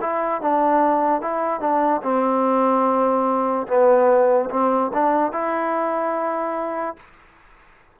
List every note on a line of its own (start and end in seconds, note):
0.00 0.41 E4
0.41 1.21 D4
1.21 1.60 E4
1.60 2.01 D4
2.02 3.67 C4
3.67 4.49 B3
4.50 4.91 C4
4.93 5.32 D4
5.32 6.96 E4